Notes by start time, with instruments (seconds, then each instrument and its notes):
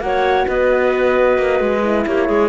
0.00 cello A#3, horn F#4, clarinet C#5, flute F#5
0.47 cello B3, clarinet B4, flute D#5
1.38 cello A#3
1.60 cello G#3
1.83 horn E4
2.07 cello A#3, clarinet G4, flute C#5
2.27 cello G#3, clarinet G#4